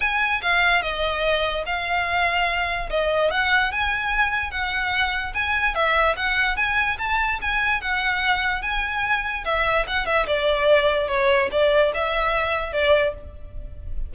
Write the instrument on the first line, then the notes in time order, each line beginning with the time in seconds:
violin
0.00 G#5
0.41 F5
0.81 D#5
1.66 F5
2.90 D#5
3.30 F#5
3.71 G#5
4.51 F#5
5.34 G#5
5.74 E5
6.16 F#5
6.56 G#5
6.98 A5
7.41 G#5
7.81 F#5
8.62 G#5
9.44 E5
9.87 F#5
10.06 E5
10.26 D5
11.08 C#5
11.51 D5
11.93 E5
12.72 D5